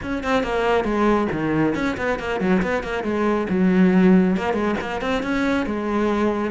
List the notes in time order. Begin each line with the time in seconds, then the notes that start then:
0.02 C#4
0.23 C4
0.43 A#3
0.84 G#3
1.32 D#3
1.74 C#4
1.97 B3
2.19 A#3
2.40 F#3
2.62 B3
2.83 A#3
3.03 G#3
3.49 F#3
4.37 A#3
4.53 G#3
4.80 A#3
5.01 C4
5.23 C#4
5.66 G#3